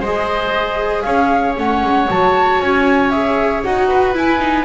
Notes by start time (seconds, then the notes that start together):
0.00 G#3 G#4 C5 D#5
1.02 C#4 C#5 F5
1.57 A3 C#4 F#5
1.83 G#3
2.10 F#3 F#4 A5
2.61 C#4 G#5
3.10 G#4 E5
3.63 D#4 F#4 F#5
3.89 B4
4.14 E4 G#5
4.40 D#4